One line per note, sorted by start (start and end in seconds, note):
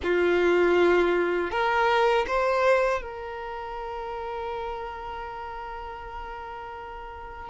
0.03 1.50 F4
1.50 2.25 A#4
2.27 3.01 C5
3.01 7.49 A#4